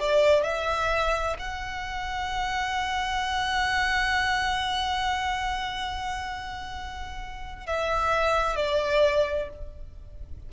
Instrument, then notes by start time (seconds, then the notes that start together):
violin
0.00 D5
0.44 E5
1.39 F#5
7.67 E5
8.57 D5